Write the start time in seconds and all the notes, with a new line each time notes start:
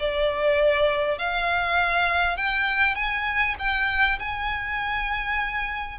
0.00 D5
1.19 F5
2.37 G5
2.95 G#5
3.59 G5
4.19 G#5